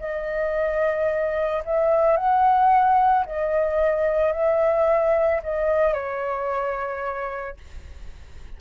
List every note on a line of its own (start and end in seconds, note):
0.00 1.64 D#5
1.66 2.17 E5
2.17 3.26 F#5
3.26 4.33 D#5
4.33 5.42 E5
5.43 5.94 D#5
5.94 7.57 C#5